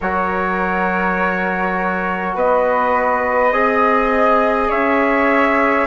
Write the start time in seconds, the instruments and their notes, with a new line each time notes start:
0.00 bassoon F#3, trombone F#4, flute A#4, trumpet C#5
2.35 bassoon B3, flute B4, trumpet D#5
3.51 bassoon C4, trombone G#4, flute D#5
4.69 bassoon C#4, flute C#5, trumpet E5